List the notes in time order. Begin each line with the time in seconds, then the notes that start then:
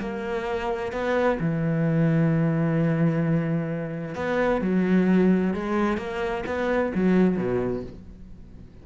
0.00 A#3
0.93 B3
1.40 E3
4.15 B3
4.62 F#3
5.54 G#3
5.98 A#3
6.46 B3
6.95 F#3
7.37 B2